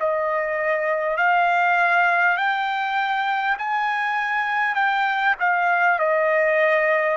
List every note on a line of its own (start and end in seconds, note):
0.00 1.17 D#5
1.17 2.37 F5
2.37 3.57 G5
3.58 4.76 G#5
4.76 5.36 G5
5.40 5.99 F5
5.99 7.17 D#5